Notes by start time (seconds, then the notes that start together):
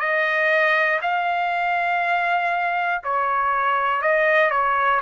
0.00 D#5
1.02 F5
3.04 C#5
4.02 D#5
4.51 C#5